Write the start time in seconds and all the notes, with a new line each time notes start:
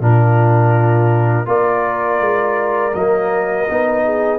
0.00 A#2 D4 F4 A#4
1.46 A#3 F4 A#4 D5
2.20 G#3
2.94 F#3 A#3 D#5
3.69 B3 D#4
4.05 G#4